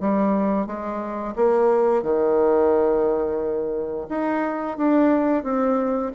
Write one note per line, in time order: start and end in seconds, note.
0.00 0.66 G3
0.66 1.35 G#3
1.36 2.02 A#3
2.02 4.07 D#3
4.09 4.77 D#4
4.77 5.43 D4
5.43 6.11 C4